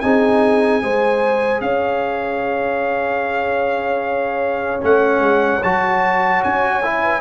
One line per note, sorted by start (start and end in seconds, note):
0.00 0.82 C4
0.00 0.81 D#4
0.00 0.83 G#4
0.00 1.60 G#5
0.81 1.60 G#3
0.81 4.80 G#4
0.81 1.62 C5
1.60 4.80 C#4
1.60 7.02 C#5
1.60 4.81 F5
4.80 5.19 A3
4.80 5.60 C#4
4.80 5.63 F#5
5.19 5.59 G#3
5.63 6.43 F#3
5.63 6.83 F#4
5.63 6.43 A5
6.43 7.20 C#4
6.43 7.20 G#5
6.83 7.20 E4
7.02 7.20 B4